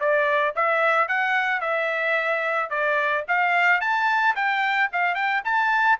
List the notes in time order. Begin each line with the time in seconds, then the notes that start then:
0.00 D5
0.56 E5
1.08 F#5
1.61 E5
2.70 D5
3.28 F5
3.81 A5
4.36 G5
4.93 F5
5.15 G5
5.44 A5